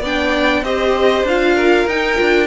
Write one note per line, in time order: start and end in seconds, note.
0.00 0.62 B3
0.00 0.64 D4
0.00 0.62 D5
0.00 0.64 G5
0.62 1.23 C4
0.62 1.26 G4
0.62 1.55 C5
0.62 1.26 D#5
1.23 1.85 D4
1.23 1.88 F4
1.23 1.88 F5
1.55 2.46 A#4
1.86 2.17 D#4
1.86 2.15 D#4
1.86 2.46 G5
2.15 2.46 D4
2.15 2.46 F4